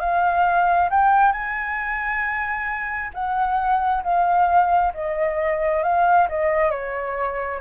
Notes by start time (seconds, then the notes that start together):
0.00 F5
0.90 G5
1.32 G#5
3.14 F#5
4.03 F5
4.94 D#5
5.83 F5
6.29 D#5
6.71 C#5